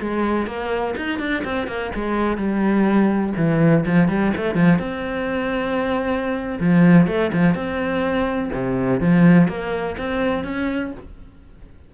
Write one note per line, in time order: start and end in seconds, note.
0.00 0.47 G#3
0.47 0.95 A#3
0.96 1.19 D#4
1.19 1.43 D4
1.44 1.67 C4
1.67 1.91 A#3
1.95 2.37 G#3
2.37 3.33 G3
3.36 3.84 E3
3.85 4.08 F3
4.08 4.32 G3
4.37 4.55 A3
4.55 4.79 F3
4.79 6.59 C4
6.60 7.07 F3
7.07 7.31 A3
7.32 7.54 F3
7.54 8.50 C4
8.53 9.00 C3
9.00 9.48 F3
9.48 9.96 A#3
9.98 10.44 C4
10.44 10.92 C#4